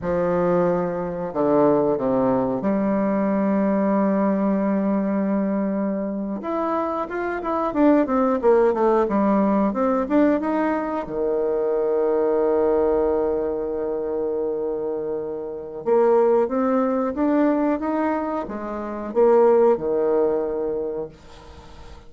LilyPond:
\new Staff \with { instrumentName = "bassoon" } { \time 4/4 \tempo 4 = 91 f2 d4 c4 | g1~ | g4.~ g16 e'4 f'8 e'8 d'16~ | d'16 c'8 ais8 a8 g4 c'8 d'8 dis'16~ |
dis'8. dis2.~ dis16~ | dis1 | ais4 c'4 d'4 dis'4 | gis4 ais4 dis2 | }